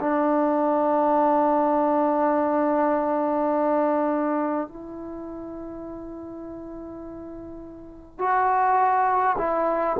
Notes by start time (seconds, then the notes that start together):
0.00 D4
4.68 E4
8.18 F#4
9.37 E4